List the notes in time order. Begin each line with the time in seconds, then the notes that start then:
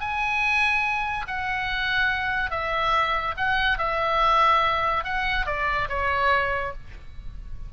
0.00 G#5
1.27 F#5
2.50 E5
3.37 F#5
3.78 E5
5.04 F#5
5.46 D5
5.89 C#5